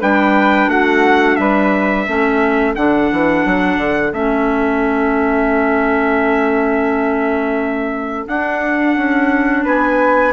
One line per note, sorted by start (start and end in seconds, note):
0.00 0.68 G3
0.00 2.07 D4
0.00 0.68 B4
0.00 0.70 G5
0.68 1.37 A3
0.68 1.37 F#4
0.68 1.36 F#5
1.36 2.07 G3
1.36 2.06 B4
1.36 2.74 E5
2.06 2.76 A3
2.06 2.76 C#4
2.06 9.64 A4
2.75 3.10 D3
2.75 4.13 D4
2.75 4.13 F#5
3.12 3.45 E3
3.45 3.77 F#3
3.77 4.12 D3
4.13 8.26 A3
4.13 8.26 C#4
4.13 8.28 E5
8.27 8.96 D4
8.27 10.33 D4
8.27 9.66 F#5
8.96 9.65 C#4
9.64 10.33 B3
9.64 10.33 B4
9.64 10.33 G#5